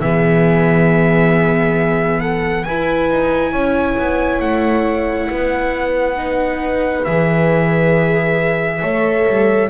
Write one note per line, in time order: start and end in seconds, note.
0.00 2.65 E3
0.00 2.67 B3
0.00 2.21 G#4
0.00 2.20 E5
2.20 2.65 A4
2.20 2.63 F#5
2.63 3.10 E4
2.63 6.16 E4
2.63 3.52 B4
2.63 4.40 G#5
3.10 3.53 D#4
3.52 3.97 C#4
3.52 5.28 C#5
3.97 4.41 B3
4.40 5.29 A3
4.40 7.04 F#5
5.30 7.06 B3
5.30 8.81 B4
6.16 7.04 D#4
7.04 8.82 E3
7.04 8.82 G#4
7.04 9.69 E5
8.81 9.26 A3
8.81 9.70 A4
8.81 9.69 C#5
9.26 9.70 G3